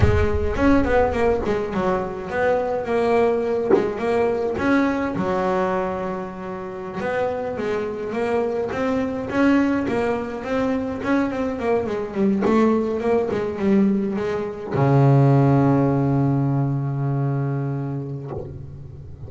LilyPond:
\new Staff \with { instrumentName = "double bass" } { \time 4/4 \tempo 4 = 105 gis4 cis'8 b8 ais8 gis8 fis4 | b4 ais4. gis8 ais4 | cis'4 fis2.~ | fis16 b4 gis4 ais4 c'8.~ |
c'16 cis'4 ais4 c'4 cis'8 c'16~ | c'16 ais8 gis8 g8 a4 ais8 gis8 g16~ | g8. gis4 cis2~ cis16~ | cis1 | }